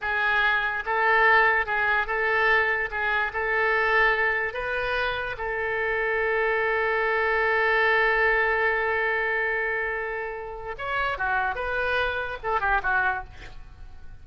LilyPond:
\new Staff \with { instrumentName = "oboe" } { \time 4/4 \tempo 4 = 145 gis'2 a'2 | gis'4 a'2 gis'4 | a'2. b'4~ | b'4 a'2.~ |
a'1~ | a'1~ | a'2 cis''4 fis'4 | b'2 a'8 g'8 fis'4 | }